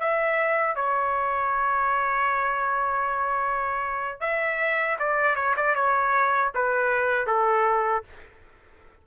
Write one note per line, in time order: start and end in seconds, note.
0.00 0.76 E5
0.76 4.20 C#5
4.20 4.97 E5
4.99 5.35 D5
5.35 5.55 C#5
5.56 5.75 D5
5.75 6.52 C#5
6.55 7.27 B4
7.27 8.04 A4